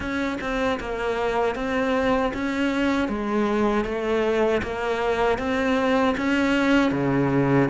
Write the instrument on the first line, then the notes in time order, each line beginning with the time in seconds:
cello
0.00 C#4
0.41 C4
0.80 A#3
1.55 C4
2.33 C#4
3.08 G#3
3.84 A3
4.62 A#3
5.38 C4
6.17 C#4
6.91 C#3